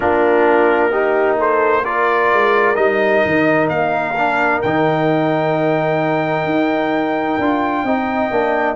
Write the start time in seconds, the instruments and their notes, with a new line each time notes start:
0.00 tuba A#3, trombone D4, horn F4, trumpet A#4
0.91 trombone D#4, horn G4
1.37 horn A4, trumpet C5
1.84 trombone F4, horn A#4, trumpet D5
2.32 tuba G#3
2.75 tuba G3, trombone D#4, trumpet D#5
3.25 tuba D#3
3.68 tuba A#3, trumpet F5
4.17 trombone D4
4.62 tuba D#3, trombone D#4, trumpet G5
6.44 tuba D#4
7.38 tuba D4, trombone F4
7.83 tuba C4, trombone D#4, horn D#5
8.30 tuba A#3, trombone D4